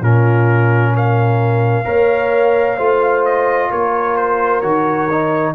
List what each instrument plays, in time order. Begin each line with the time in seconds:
0.00 tuba A#2, trombone C#4, horn F4, trumpet A#4
0.94 horn A#4, trumpet F5
1.85 tuba A#3, trombone A#4, horn C#5
2.77 tuba A3, trombone F4, horn C5
3.25 trumpet D#5
3.70 tuba A#3, horn A#4, trumpet C#5
4.16 trumpet C5
4.61 tuba D#3, trombone F#4, trumpet C#5
5.11 trombone D#4